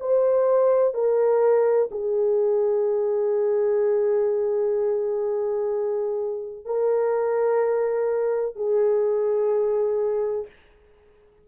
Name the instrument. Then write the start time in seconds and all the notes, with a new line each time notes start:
horn
0.00 C5
0.94 A#4
1.91 G#4
6.65 A#4
8.55 G#4